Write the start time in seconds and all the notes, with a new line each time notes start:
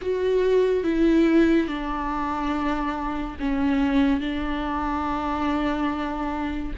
0.01 F#4
0.83 E4
1.67 D4
3.39 C#4
4.20 D4